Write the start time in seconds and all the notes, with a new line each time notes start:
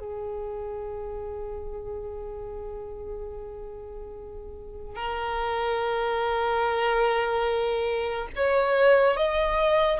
0.00 G#4
4.95 A#4
8.36 C#5
9.17 D#5